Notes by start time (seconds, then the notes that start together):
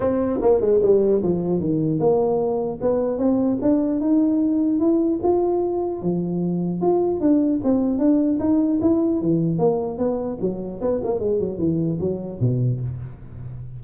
0.00 C4
0.41 A#3
0.61 G#3
0.82 G3
1.22 F3
1.59 D#3
1.99 A#3
2.81 B3
3.18 C4
3.61 D4
4.00 D#4
4.79 E4
5.22 F4
6.01 F3
6.81 F4
7.20 D4
7.63 C4
7.98 D4
8.39 D#4
8.81 E4
9.21 E3
9.58 A#3
9.98 B3
10.41 F#3
10.81 B3
11.03 A#3
11.19 G#3
11.39 F#3
11.58 E3
11.99 F#3
12.40 B2